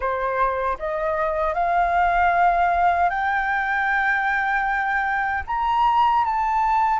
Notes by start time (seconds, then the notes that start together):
0.00 C5
0.78 D#5
1.54 F5
3.09 G5
5.47 A#5
6.24 A5